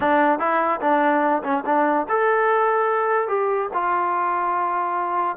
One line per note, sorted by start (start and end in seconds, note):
0.00 0.39 D4
0.39 0.80 E4
0.81 1.42 D4
1.43 1.64 C#4
1.65 2.06 D4
2.08 3.28 A4
3.28 3.69 G4
3.73 5.36 F4